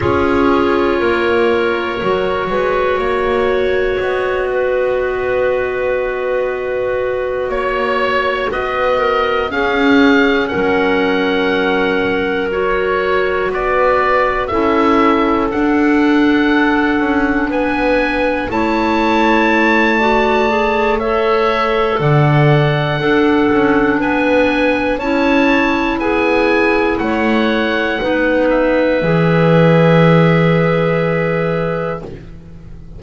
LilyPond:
<<
  \new Staff \with { instrumentName = "oboe" } { \time 4/4 \tempo 4 = 60 cis''1 | dis''2.~ dis''8 cis''8~ | cis''8 dis''4 f''4 fis''4.~ | fis''8 cis''4 d''4 e''4 fis''8~ |
fis''4. gis''4 a''4.~ | a''4 e''4 fis''2 | gis''4 a''4 gis''4 fis''4~ | fis''8 e''2.~ e''8 | }
  \new Staff \with { instrumentName = "clarinet" } { \time 4/4 gis'4 ais'4. b'8 cis''4~ | cis''8 b'2. cis''8~ | cis''8 b'8 ais'8 gis'4 ais'4.~ | ais'4. b'4 a'4.~ |
a'4. b'4 cis''4. | d''4 cis''4 d''4 a'4 | b'4 cis''4 gis'4 cis''4 | b'1 | }
  \new Staff \with { instrumentName = "clarinet" } { \time 4/4 f'2 fis'2~ | fis'1~ | fis'4. cis'2~ cis'8~ | cis'8 fis'2 e'4 d'8~ |
d'2~ d'8 e'4. | fis'8 gis'8 a'2 d'4~ | d'4 e'2. | dis'4 gis'2. | }
  \new Staff \with { instrumentName = "double bass" } { \time 4/4 cis'4 ais4 fis8 gis8 ais4 | b2.~ b8 ais8~ | ais8 b4 cis'4 fis4.~ | fis4. b4 cis'4 d'8~ |
d'4 cis'8 b4 a4.~ | a2 d4 d'8 cis'8 | b4 cis'4 b4 a4 | b4 e2. | }
>>